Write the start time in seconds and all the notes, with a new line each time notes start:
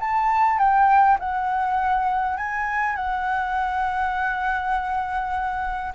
0.00 A5
0.59 G5
1.19 F#5
2.37 G#5
2.96 F#5